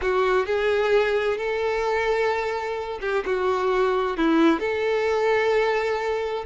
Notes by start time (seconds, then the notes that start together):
0.01 F#4
0.46 G#4
1.37 A4
3.01 G4
3.25 F#4
4.17 E4
4.59 A4